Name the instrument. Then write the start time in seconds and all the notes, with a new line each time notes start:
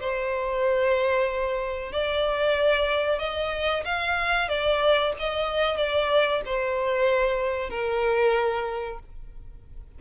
violin
0.00 C5
1.93 D5
3.20 D#5
3.85 F5
4.49 D5
5.19 D#5
5.77 D5
6.46 C5
7.70 A#4